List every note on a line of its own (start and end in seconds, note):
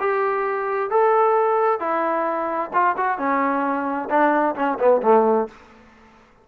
0.00 0.90 G4
0.90 1.80 A4
1.80 2.71 E4
2.73 2.96 F4
2.97 3.18 F#4
3.18 4.09 C#4
4.10 4.55 D4
4.56 4.78 C#4
4.79 5.02 B3
5.02 5.48 A3